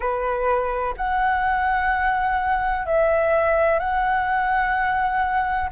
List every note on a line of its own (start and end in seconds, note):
0.00 0.94 B4
0.97 2.86 F#5
2.86 3.79 E5
3.79 5.69 F#5